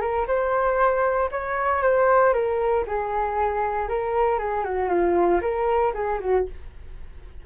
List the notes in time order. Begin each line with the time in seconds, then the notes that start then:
0.00 A#4
0.27 C5
1.31 C#5
1.82 C5
2.33 A#4
2.86 G#4
3.88 A#4
4.38 G#4
4.64 F#4
4.89 F4
5.41 A#4
5.93 G#4
6.20 F#4